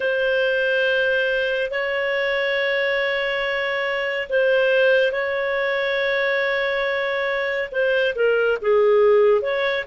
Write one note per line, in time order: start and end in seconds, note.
0.00 1.70 C5
1.71 4.28 C#5
4.29 5.12 C5
5.12 7.69 C#5
7.71 8.14 C5
8.15 8.58 A#4
8.61 9.41 G#4
9.41 9.84 C#5